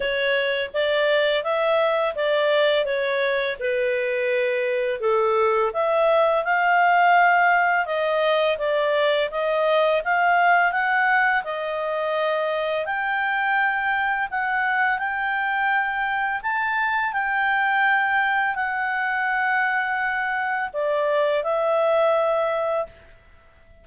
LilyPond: \new Staff \with { instrumentName = "clarinet" } { \time 4/4 \tempo 4 = 84 cis''4 d''4 e''4 d''4 | cis''4 b'2 a'4 | e''4 f''2 dis''4 | d''4 dis''4 f''4 fis''4 |
dis''2 g''2 | fis''4 g''2 a''4 | g''2 fis''2~ | fis''4 d''4 e''2 | }